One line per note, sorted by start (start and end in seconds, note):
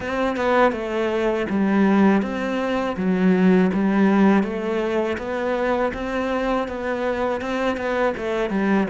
0.00 0.36 C4
0.36 0.72 B3
0.72 1.46 A3
1.49 2.22 G3
2.22 2.96 C4
2.96 3.70 F#3
3.73 4.43 G3
4.43 5.17 A3
5.18 5.92 B3
5.93 6.67 C4
6.67 7.41 B3
7.41 7.76 C4
7.76 8.13 B3
8.17 8.50 A3
8.50 8.87 G3